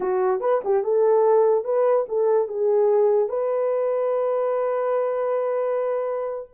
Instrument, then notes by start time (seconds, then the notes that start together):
horn
0.00 F#4
0.40 B4
0.64 G4
0.83 A4
1.64 B4
2.08 A4
2.47 G#4
3.28 B4